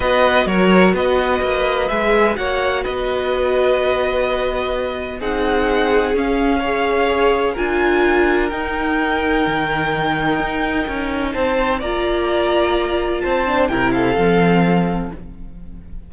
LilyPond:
<<
  \new Staff \with { instrumentName = "violin" } { \time 4/4 \tempo 4 = 127 dis''4 cis''4 dis''2 | e''4 fis''4 dis''2~ | dis''2. fis''4~ | fis''4 f''2. |
gis''2 g''2~ | g''1 | a''4 ais''2. | a''4 g''8 f''2~ f''8 | }
  \new Staff \with { instrumentName = "violin" } { \time 4/4 b'4 ais'4 b'2~ | b'4 cis''4 b'2~ | b'2. gis'4~ | gis'2 cis''2 |
ais'1~ | ais'1 | c''4 d''2. | c''4 ais'8 a'2~ a'8 | }
  \new Staff \with { instrumentName = "viola" } { \time 4/4 fis'1 | gis'4 fis'2.~ | fis'2. dis'4~ | dis'4 cis'4 gis'2 |
f'2 dis'2~ | dis'1~ | dis'4 f'2.~ | f'8 d'8 e'4 c'2 | }
  \new Staff \with { instrumentName = "cello" } { \time 4/4 b4 fis4 b4 ais4 | gis4 ais4 b2~ | b2. c'4~ | c'4 cis'2. |
d'2 dis'2 | dis2 dis'4 cis'4 | c'4 ais2. | c'4 c4 f2 | }
>>